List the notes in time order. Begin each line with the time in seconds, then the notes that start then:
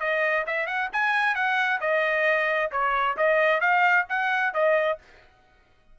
0.00 D#5
0.47 E5
0.67 F#5
0.93 G#5
1.35 F#5
1.81 D#5
2.71 C#5
3.17 D#5
3.61 F5
4.09 F#5
4.54 D#5